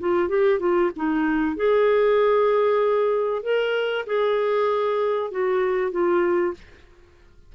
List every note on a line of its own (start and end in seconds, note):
0.00 0.29 F4
0.29 0.60 G4
0.60 0.91 F4
0.96 1.57 D#4
1.57 3.43 G#4
3.43 4.06 A#4
4.07 5.32 G#4
5.32 5.91 F#4
5.91 6.54 F4